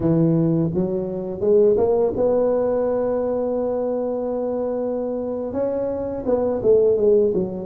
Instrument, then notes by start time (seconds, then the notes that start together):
tuba
0.00 E3
0.73 F#3
1.40 G#3
1.77 A#3
2.16 B3
5.52 C#4
6.25 B3
6.62 A3
6.96 G#3
7.34 F#3